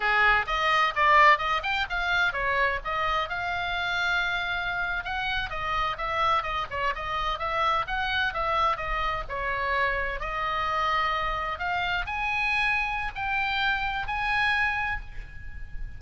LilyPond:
\new Staff \with { instrumentName = "oboe" } { \time 4/4 \tempo 4 = 128 gis'4 dis''4 d''4 dis''8 g''8 | f''4 cis''4 dis''4 f''4~ | f''2~ f''8. fis''4 dis''16~ | dis''8. e''4 dis''8 cis''8 dis''4 e''16~ |
e''8. fis''4 e''4 dis''4 cis''16~ | cis''4.~ cis''16 dis''2~ dis''16~ | dis''8. f''4 gis''2~ gis''16 | g''2 gis''2 | }